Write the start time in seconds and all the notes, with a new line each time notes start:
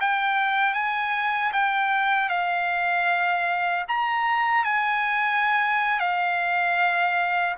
0.00 G5
0.74 G#5
1.52 G5
2.29 F5
3.87 A#5
4.64 G#5
5.99 F5